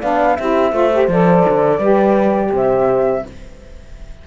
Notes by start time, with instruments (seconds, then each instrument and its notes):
0.00 cello B3, saxophone D4, horn D5, flute F5
0.37 cello C4, saxophone E4, horn G4, flute E5
0.73 cello A3, saxophone F4, horn C5
0.93 saxophone G4
1.08 cello F3, saxophone A4, flute D5
1.49 cello D3
1.79 cello G3, saxophone G4, horn B4
2.51 cello C3, horn C5, flute E5